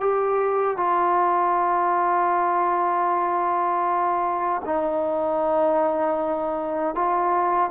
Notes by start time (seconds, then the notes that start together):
0.00 G4
0.77 F4
4.65 D#4
6.95 F4